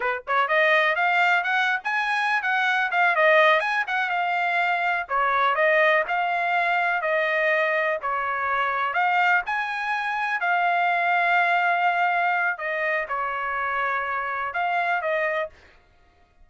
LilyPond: \new Staff \with { instrumentName = "trumpet" } { \time 4/4 \tempo 4 = 124 b'8 cis''8 dis''4 f''4 fis''8. gis''16~ | gis''4 fis''4 f''8 dis''4 gis''8 | fis''8 f''2 cis''4 dis''8~ | dis''8 f''2 dis''4.~ |
dis''8 cis''2 f''4 gis''8~ | gis''4. f''2~ f''8~ | f''2 dis''4 cis''4~ | cis''2 f''4 dis''4 | }